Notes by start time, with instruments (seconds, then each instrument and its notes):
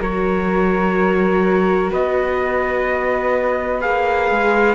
0.00 cello F#3, viola F#4, flute A#4, trumpet C#5
1.91 cello B3, flute B4, trumpet D#5
3.80 cello A#3, viola G#4, trumpet F5
4.31 cello G#3